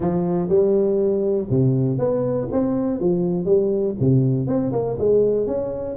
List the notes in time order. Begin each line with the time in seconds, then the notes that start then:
0.00 F3
0.48 G3
1.49 C3
1.98 B3
2.51 C4
3.00 F3
3.45 G3
4.00 C3
4.47 C4
4.72 A#3
4.98 G#3
5.47 C#4